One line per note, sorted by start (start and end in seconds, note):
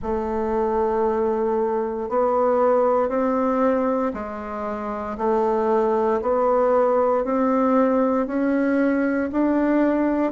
0.02 2.09 A3
2.09 3.08 B3
3.08 4.12 C4
4.13 5.17 G#3
5.17 6.21 A3
6.21 7.24 B3
7.24 8.26 C4
8.26 9.30 C#4
9.32 10.32 D4